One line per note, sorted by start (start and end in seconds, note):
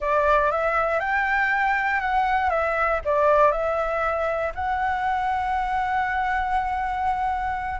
0.00 0.51 D5
0.51 0.99 E5
0.99 2.00 G5
2.00 2.50 F#5
2.50 3.00 E5
3.04 3.51 D5
3.51 4.52 E5
4.54 7.80 F#5